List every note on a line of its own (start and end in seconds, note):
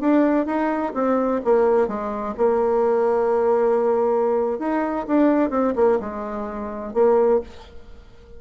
0.00 0.46 D4
0.46 0.92 D#4
0.94 1.41 C4
1.44 1.87 A#3
1.87 2.34 G#3
2.37 4.59 A#3
4.59 5.05 D#4
5.07 5.50 D4
5.50 5.73 C4
5.75 5.99 A#3
6.00 6.93 G#3
6.93 7.40 A#3